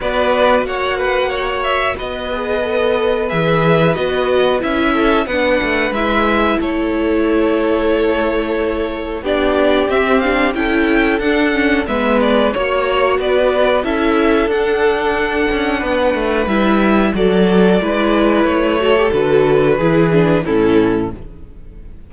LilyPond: <<
  \new Staff \with { instrumentName = "violin" } { \time 4/4 \tempo 4 = 91 d''4 fis''4. e''8 dis''4~ | dis''4 e''4 dis''4 e''4 | fis''4 e''4 cis''2~ | cis''2 d''4 e''8 f''8 |
g''4 fis''4 e''8 d''8 cis''4 | d''4 e''4 fis''2~ | fis''4 e''4 d''2 | cis''4 b'2 a'4 | }
  \new Staff \with { instrumentName = "violin" } { \time 4/4 b'4 cis''8 b'8 cis''4 b'4~ | b'2.~ b'8 a'8 | b'2 a'2~ | a'2 g'2 |
a'2 b'4 cis''4 | b'4 a'2. | b'2 a'4 b'4~ | b'8 a'4. gis'4 e'4 | }
  \new Staff \with { instrumentName = "viola" } { \time 4/4 fis'2.~ fis'8 gis'8 | a'4 gis'4 fis'4 e'4 | d'4 e'2.~ | e'2 d'4 c'8 d'8 |
e'4 d'8 cis'8 b4 fis'4~ | fis'4 e'4 d'2~ | d'4 e'4 fis'4 e'4~ | e'8 fis'16 g'16 fis'4 e'8 d'8 cis'4 | }
  \new Staff \with { instrumentName = "cello" } { \time 4/4 b4 ais2 b4~ | b4 e4 b4 cis'4 | b8 a8 gis4 a2~ | a2 b4 c'4 |
cis'4 d'4 gis4 ais4 | b4 cis'4 d'4. cis'8 | b8 a8 g4 fis4 gis4 | a4 d4 e4 a,4 | }
>>